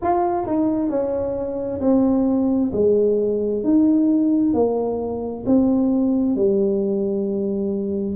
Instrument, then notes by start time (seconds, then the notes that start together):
tuba
0.02 F4
0.46 D#4
0.89 C#4
1.80 C4
2.72 G#3
3.63 D#4
4.53 A#3
5.45 C4
6.35 G3